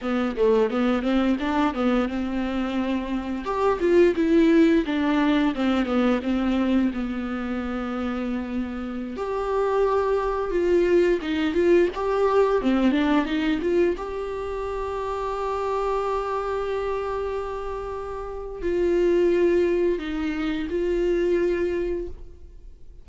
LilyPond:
\new Staff \with { instrumentName = "viola" } { \time 4/4 \tempo 4 = 87 b8 a8 b8 c'8 d'8 b8 c'4~ | c'4 g'8 f'8 e'4 d'4 | c'8 b8 c'4 b2~ | b4~ b16 g'2 f'8.~ |
f'16 dis'8 f'8 g'4 c'8 d'8 dis'8 f'16~ | f'16 g'2.~ g'8.~ | g'2. f'4~ | f'4 dis'4 f'2 | }